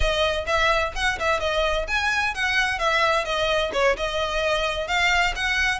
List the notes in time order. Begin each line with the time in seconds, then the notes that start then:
0.00 D#5
0.46 E5
0.95 F#5
1.19 E5
1.40 D#5
1.87 G#5
2.34 F#5
2.79 E5
3.24 D#5
3.73 C#5
3.96 D#5
4.87 F5
5.35 F#5